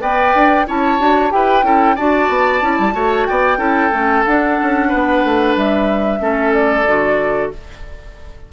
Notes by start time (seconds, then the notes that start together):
0.00 B3 B4 D5 G5
0.35 D4
0.67 C#4 E4 C#5 A5
0.99 D4 F#4
1.30 E4 G4 B4 G5
1.63 C#4 E4 A4
1.96 D4 F#4 D5 A5
2.29 B3
2.61 C#4 E4
2.79 G3
2.93 A3 F#4 C#5
3.26 B3 D5 G5
3.57 C#4 E4 A4
3.92 A3 C#4
4.26 D4 F#5
4.62 C#4
4.89 B3 B4
5.24 A3
5.56 G3 E5
6.19 A3 C#4 A4
6.54 D5
6.87 D3 F#4